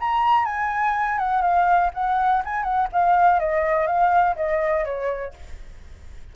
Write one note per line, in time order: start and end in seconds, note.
0.00 0.45 A#5
0.45 1.18 G#5
1.18 1.42 F#5
1.42 1.90 F5
1.94 2.43 F#5
2.45 2.63 G#5
2.63 2.88 F#5
2.92 3.40 F5
3.40 3.87 D#5
3.87 4.36 F5
4.36 4.85 D#5
4.85 5.34 C#5